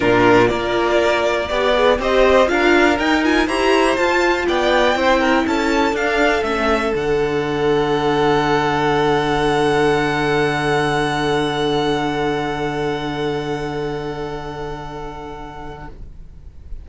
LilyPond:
<<
  \new Staff \with { instrumentName = "violin" } { \time 4/4 \tempo 4 = 121 ais'4 d''2. | dis''4 f''4 g''8 gis''8 ais''4 | a''4 g''2 a''4 | f''4 e''4 fis''2~ |
fis''1~ | fis''1~ | fis''1~ | fis''1 | }
  \new Staff \with { instrumentName = "violin" } { \time 4/4 f'4 ais'2 d''4 | c''4 ais'2 c''4~ | c''4 d''4 c''8 ais'8 a'4~ | a'1~ |
a'1~ | a'1~ | a'1~ | a'1 | }
  \new Staff \with { instrumentName = "viola" } { \time 4/4 d'4 f'2 g'8 gis'8 | g'4 f'4 dis'8 f'8 g'4 | f'2 e'2 | d'4 cis'4 d'2~ |
d'1~ | d'1~ | d'1~ | d'1 | }
  \new Staff \with { instrumentName = "cello" } { \time 4/4 ais,4 ais2 b4 | c'4 d'4 dis'4 e'4 | f'4 b4 c'4 cis'4 | d'4 a4 d2~ |
d1~ | d1~ | d1~ | d1 | }
>>